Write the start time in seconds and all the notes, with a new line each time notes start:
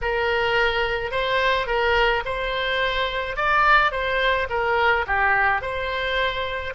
0.01 A#4
1.11 C5
1.67 A#4
2.25 C5
3.36 D5
3.91 C5
4.49 A#4
5.06 G4
5.61 C5